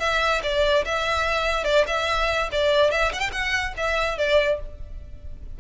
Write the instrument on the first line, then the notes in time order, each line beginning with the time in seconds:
violin
0.00 E5
0.43 D5
0.85 E5
1.64 D5
1.87 E5
2.52 D5
2.91 E5
3.13 F#5
3.20 G5
3.33 F#5
3.77 E5
4.18 D5